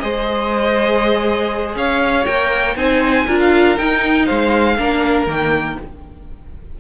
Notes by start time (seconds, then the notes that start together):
0.00 G#3 G#4 C5 D#5
1.75 C#4 C#5 F5
2.25 A#3 A#4 G5
2.76 C4 D#4 C5 G#5
3.26 D4 F4 A#4
3.40 F5
3.77 D#4 G5
4.26 G#3 C5 F5
4.78 A#3 D4 A#4
5.27 D#3 A#3 G5